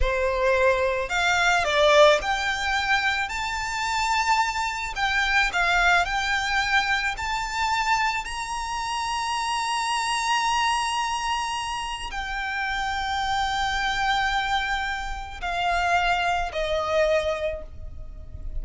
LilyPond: \new Staff \with { instrumentName = "violin" } { \time 4/4 \tempo 4 = 109 c''2 f''4 d''4 | g''2 a''2~ | a''4 g''4 f''4 g''4~ | g''4 a''2 ais''4~ |
ais''1~ | ais''2 g''2~ | g''1 | f''2 dis''2 | }